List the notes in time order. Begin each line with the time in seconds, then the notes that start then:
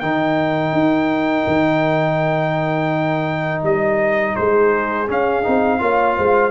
0.00 D#3 D#4 A#4 G5
0.73 D#4
1.47 D#3
3.63 G3 D#5
4.35 G#3 G#4 C5
5.07 C#4 F5
5.43 C4 D#4
5.79 A#3 F4 C#5
6.17 G#3 C5